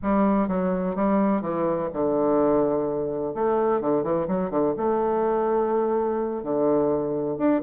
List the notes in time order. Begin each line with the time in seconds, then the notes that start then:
0.02 G3
0.47 F#3
0.95 G3
1.41 E3
1.93 D3
3.34 A3
3.81 D3
4.03 E3
4.27 F#3
4.50 D3
4.77 A3
6.43 D3
7.37 D4